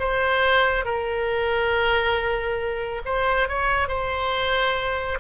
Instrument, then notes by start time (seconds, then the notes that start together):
oboe
0.00 C5
0.85 A#4
3.06 C5
3.49 C#5
3.88 C5